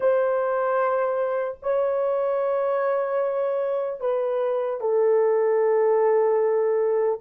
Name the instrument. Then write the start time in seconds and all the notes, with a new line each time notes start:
horn
0.00 C5
1.62 C#5
4.00 B4
4.80 A4